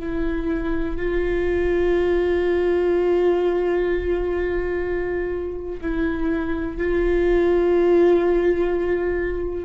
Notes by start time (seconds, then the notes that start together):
0.00 E4
0.97 F4
5.82 E4
6.77 F4